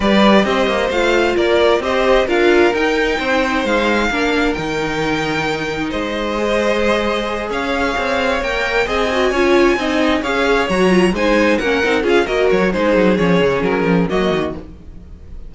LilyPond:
<<
  \new Staff \with { instrumentName = "violin" } { \time 4/4 \tempo 4 = 132 d''4 dis''4 f''4 d''4 | dis''4 f''4 g''2 | f''2 g''2~ | g''4 dis''2.~ |
dis''8 f''2 g''4 gis''8~ | gis''2~ gis''8 f''4 ais''8~ | ais''8 gis''4 fis''4 f''8 dis''8 cis''8 | c''4 cis''4 ais'4 dis''4 | }
  \new Staff \with { instrumentName = "violin" } { \time 4/4 b'4 c''2 ais'4 | c''4 ais'2 c''4~ | c''4 ais'2.~ | ais'4 c''2.~ |
c''8 cis''2. dis''8~ | dis''8 cis''4 dis''4 cis''4.~ | cis''8 c''4 ais'4 gis'8 ais'4 | gis'2. fis'4 | }
  \new Staff \with { instrumentName = "viola" } { \time 4/4 g'2 f'2 | g'4 f'4 dis'2~ | dis'4 d'4 dis'2~ | dis'2 gis'2~ |
gis'2~ gis'8 ais'4 gis'8 | fis'8 f'4 dis'4 gis'4 fis'8 | f'8 dis'4 cis'8 dis'8 f'8 fis'4 | dis'4 cis'2 ais4 | }
  \new Staff \with { instrumentName = "cello" } { \time 4/4 g4 c'8 ais8 a4 ais4 | c'4 d'4 dis'4 c'4 | gis4 ais4 dis2~ | dis4 gis2.~ |
gis8 cis'4 c'4 ais4 c'8~ | c'8 cis'4 c'4 cis'4 fis8~ | fis8 gis4 ais8 c'8 cis'8 ais8 fis8 | gis8 fis8 f8 cis8 fis8 f8 fis8 dis8 | }
>>